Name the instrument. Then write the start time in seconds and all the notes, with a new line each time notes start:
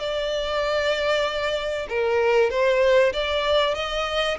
violin
0.00 D5
1.90 A#4
2.51 C5
3.13 D5
3.75 D#5